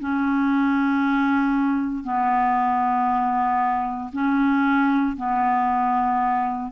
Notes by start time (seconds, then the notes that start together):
0.00 C#4
2.04 B3
4.13 C#4
5.17 B3